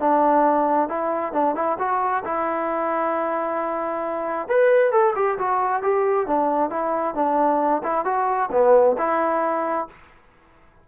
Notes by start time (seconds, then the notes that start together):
0.00 D4
0.89 E4
1.33 D4
1.56 E4
1.79 F#4
2.25 E4
4.49 B4
4.92 A4
5.16 G4
5.39 F#4
5.83 G4
6.27 D4
6.70 E4
7.15 D4
7.84 E4
8.05 F#4
8.52 B3
8.99 E4